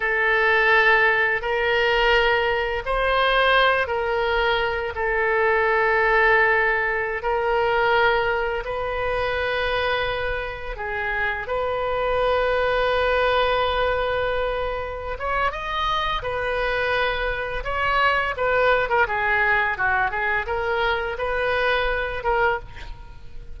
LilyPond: \new Staff \with { instrumentName = "oboe" } { \time 4/4 \tempo 4 = 85 a'2 ais'2 | c''4. ais'4. a'4~ | a'2~ a'16 ais'4.~ ais'16~ | ais'16 b'2. gis'8.~ |
gis'16 b'2.~ b'8.~ | b'4. cis''8 dis''4 b'4~ | b'4 cis''4 b'8. ais'16 gis'4 | fis'8 gis'8 ais'4 b'4. ais'8 | }